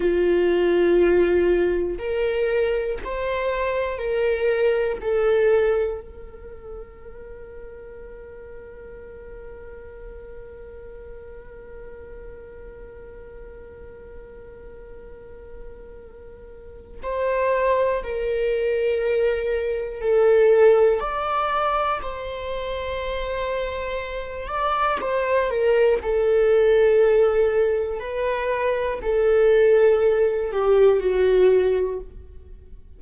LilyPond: \new Staff \with { instrumentName = "viola" } { \time 4/4 \tempo 4 = 60 f'2 ais'4 c''4 | ais'4 a'4 ais'2~ | ais'1~ | ais'1~ |
ais'4 c''4 ais'2 | a'4 d''4 c''2~ | c''8 d''8 c''8 ais'8 a'2 | b'4 a'4. g'8 fis'4 | }